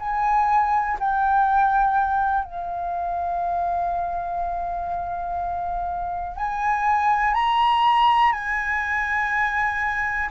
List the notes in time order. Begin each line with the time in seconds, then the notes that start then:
0.00 G#5
1.00 G5
2.45 F5
6.37 G#5
7.35 A#5
8.33 G#5